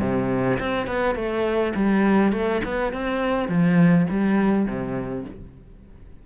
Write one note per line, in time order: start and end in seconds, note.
0.00 0.58 C3
0.60 0.87 C4
0.87 1.15 B3
1.15 1.73 A3
1.75 2.32 G3
2.32 2.62 A3
2.65 2.93 B3
2.93 3.48 C4
3.48 4.07 F3
4.10 4.66 G3
4.66 5.25 C3